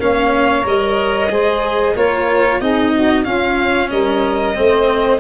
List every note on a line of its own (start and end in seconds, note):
0.00 0.65 A#3
0.00 0.63 C#4
0.00 1.32 C#5
0.00 0.66 F5
0.63 1.30 G3
0.63 1.28 A#4
0.63 1.97 D#5
1.30 1.95 G#3
1.30 1.95 G#4
1.30 1.95 C5
1.95 2.61 A#3
1.95 2.61 F4
1.95 2.60 A#4
1.95 2.61 C#5
2.60 3.26 C4
2.60 3.25 D#4
2.60 2.93 G#4
2.60 3.25 D#5
2.95 3.25 F#4
3.25 4.55 C#4
3.25 3.92 C#4
3.25 3.90 F4
3.25 3.90 F5
3.90 4.57 G3
3.90 4.56 A#4
3.90 5.21 D#5
4.55 5.21 A3
4.55 5.20 C4
4.55 5.21 C5